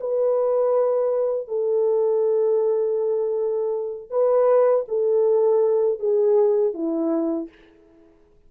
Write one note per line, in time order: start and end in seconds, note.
0.00 1.48 B4
1.48 4.10 A4
4.10 4.85 B4
4.88 5.99 A4
5.99 6.74 G#4
6.74 7.49 E4